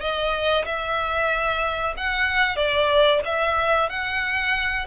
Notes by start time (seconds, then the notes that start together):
0.00 D#5
0.65 E5
1.96 F#5
2.56 D5
3.24 E5
3.89 F#5